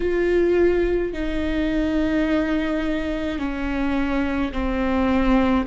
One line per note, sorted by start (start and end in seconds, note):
0.00 1.13 F4
1.13 3.39 D#4
3.39 4.52 C#4
4.52 5.66 C4